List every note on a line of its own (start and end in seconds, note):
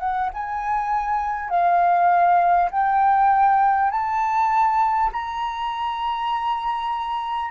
0.00 0.30 F#5
0.34 1.50 G#5
1.50 2.70 F5
2.71 3.91 G5
3.91 5.11 A5
5.13 7.51 A#5